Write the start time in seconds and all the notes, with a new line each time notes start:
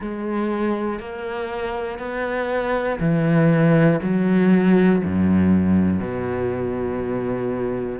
0.00 G#3
1.00 A#3
1.98 B3
3.00 E3
4.02 F#3
5.05 F#2
6.00 B2